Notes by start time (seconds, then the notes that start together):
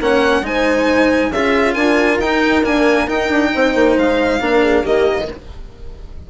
0.00 A#3 C#4 C#5 F#5
0.41 G#3 D#4 C5 G#5
1.31 C#4 F4 G#4 E5
1.74 D4 A#4 G#5
2.18 D#4 G5
2.63 A#3 D4 G#5
3.07 D#4 G5
3.29 D4
3.55 C4 C5
3.75 A#3
3.96 G#3 F5
4.40 A#3 D4 A#4
4.62 G#4
4.82 D#3 A#3 G4 D#5